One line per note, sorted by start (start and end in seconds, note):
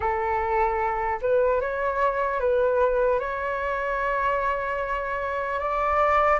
0.00 1.20 A4
1.21 1.60 B4
1.60 2.40 C#5
2.40 3.19 B4
3.19 5.59 C#5
5.59 6.39 D5